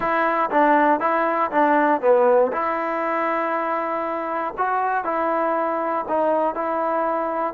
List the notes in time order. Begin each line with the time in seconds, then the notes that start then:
0.00 E4
0.50 D4
1.00 E4
1.51 D4
2.01 B3
2.52 E4
4.57 F#4
5.04 E4
6.08 D#4
6.54 E4